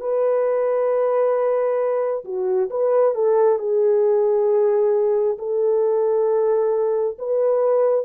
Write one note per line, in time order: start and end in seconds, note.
0.00 2.24 B4
2.24 2.69 F#4
2.70 3.14 B4
3.14 3.59 A4
3.59 5.38 G#4
5.38 7.17 A4
7.18 8.05 B4